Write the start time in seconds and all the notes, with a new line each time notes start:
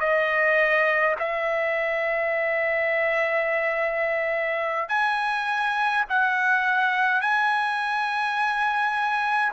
0.00 D#5
1.19 E5
4.89 G#5
6.09 F#5
7.21 G#5